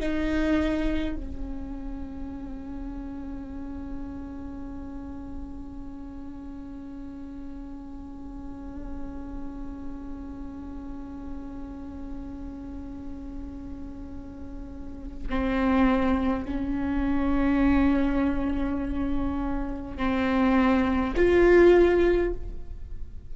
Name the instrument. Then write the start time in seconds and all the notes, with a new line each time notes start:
viola
0.00 D#4
1.16 C#4
15.29 C4
16.45 C#4
19.97 C4
21.16 F4